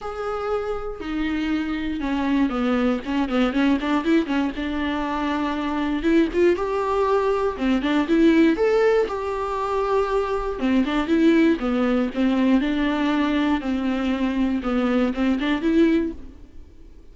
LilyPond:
\new Staff \with { instrumentName = "viola" } { \time 4/4 \tempo 4 = 119 gis'2 dis'2 | cis'4 b4 cis'8 b8 cis'8 d'8 | e'8 cis'8 d'2. | e'8 f'8 g'2 c'8 d'8 |
e'4 a'4 g'2~ | g'4 c'8 d'8 e'4 b4 | c'4 d'2 c'4~ | c'4 b4 c'8 d'8 e'4 | }